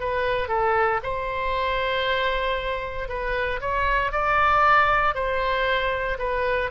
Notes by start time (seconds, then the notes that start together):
0.00 B4
0.48 A4
1.03 C5
3.08 B4
3.61 C#5
4.12 D5
5.15 C5
6.19 B4